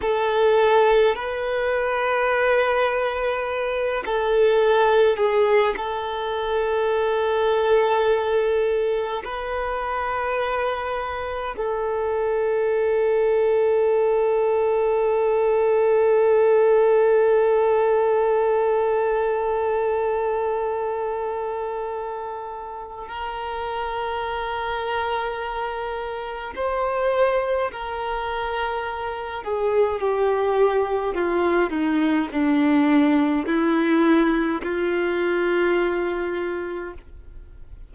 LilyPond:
\new Staff \with { instrumentName = "violin" } { \time 4/4 \tempo 4 = 52 a'4 b'2~ b'8 a'8~ | a'8 gis'8 a'2. | b'2 a'2~ | a'1~ |
a'1 | ais'2. c''4 | ais'4. gis'8 g'4 f'8 dis'8 | d'4 e'4 f'2 | }